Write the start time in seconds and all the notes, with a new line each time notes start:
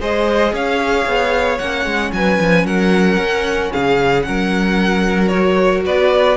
0.00 G#3 G#4 C5 D#5
0.53 C#4 C#5 F5
1.06 B3
1.58 A#3 C#4 F#5
1.85 G#3
2.13 F#3 B4 G#5
2.40 F3
2.64 F#3 A#4 F#5
3.17 C#4
3.72 C#3 G#4 F5
4.22 F#3 A#4 F#5
5.28 F#4 C#5
5.85 B3 B4 D5